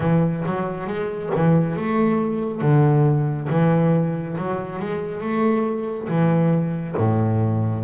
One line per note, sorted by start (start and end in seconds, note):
0.00 0.43 E3
0.45 0.86 F#3
0.86 1.30 G#3
1.35 1.76 E3
1.76 2.61 A3
2.61 3.48 D3
3.49 4.36 E3
4.37 4.79 F#3
4.79 5.21 G#3
5.21 6.08 A3
6.08 6.95 E3
6.97 7.84 A2